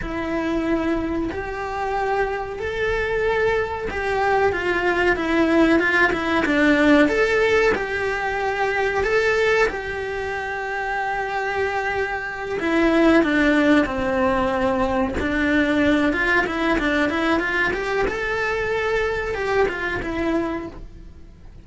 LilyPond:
\new Staff \with { instrumentName = "cello" } { \time 4/4 \tempo 4 = 93 e'2 g'2 | a'2 g'4 f'4 | e'4 f'8 e'8 d'4 a'4 | g'2 a'4 g'4~ |
g'2.~ g'8 e'8~ | e'8 d'4 c'2 d'8~ | d'4 f'8 e'8 d'8 e'8 f'8 g'8 | a'2 g'8 f'8 e'4 | }